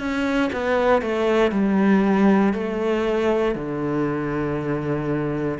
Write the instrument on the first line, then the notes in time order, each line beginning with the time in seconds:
cello
0.00 C#4
0.53 B3
1.02 A3
1.52 G3
2.54 A3
3.55 D3